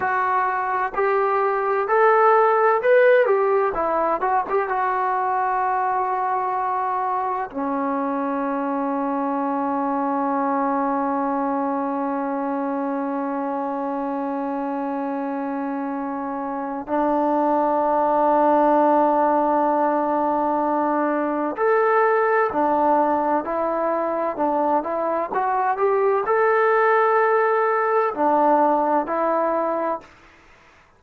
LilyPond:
\new Staff \with { instrumentName = "trombone" } { \time 4/4 \tempo 4 = 64 fis'4 g'4 a'4 b'8 g'8 | e'8 fis'16 g'16 fis'2. | cis'1~ | cis'1~ |
cis'2 d'2~ | d'2. a'4 | d'4 e'4 d'8 e'8 fis'8 g'8 | a'2 d'4 e'4 | }